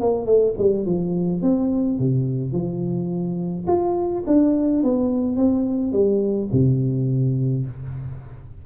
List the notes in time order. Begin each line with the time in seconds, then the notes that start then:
0.00 A#3
0.25 A3
0.58 G3
0.85 F3
1.42 C4
1.99 C3
2.52 F3
3.67 F4
4.27 D4
4.83 B3
5.36 C4
5.92 G3
6.52 C3